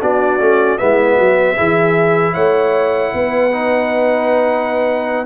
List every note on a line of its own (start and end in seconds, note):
0.00 0.39 B3
0.00 0.39 D4
0.00 0.79 F#4
0.00 0.78 D5
0.39 0.78 A3
0.39 0.78 C#4
0.78 1.19 G#3
0.78 1.56 B3
0.78 1.15 E4
0.78 2.34 E5
1.15 1.58 F#3
1.15 1.54 F#4
1.56 2.35 E3
1.56 3.51 E4
1.56 2.33 G#4
2.33 3.13 A3
2.33 3.11 C#5
2.33 5.26 F#5
3.13 5.26 B3
3.13 5.26 B4
3.52 5.26 D#4